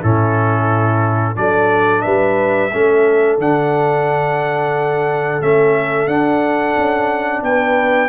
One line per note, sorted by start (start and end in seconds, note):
0.00 1.37 A2
0.00 1.36 C#4
0.00 1.35 E4
0.00 1.37 A4
1.36 2.04 F#3
1.36 2.70 D4
1.36 2.04 A4
1.36 2.02 D5
2.02 2.73 G3
2.02 2.72 B4
2.02 3.37 E5
2.72 3.39 A3
2.72 3.40 C#4
2.72 7.44 A4
3.39 5.41 D3
3.39 5.42 D4
3.39 5.42 F#5
5.42 6.07 A3
5.42 6.09 C#4
5.42 6.08 E5
6.07 6.75 D4
6.07 8.09 D4
6.07 7.43 F#5
6.78 7.43 C#4
7.43 8.09 B3
7.43 8.09 B4
7.43 8.09 G5